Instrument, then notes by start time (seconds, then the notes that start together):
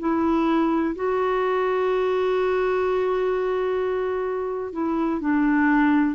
clarinet
0.00 E4
0.96 F#4
4.73 E4
5.21 D4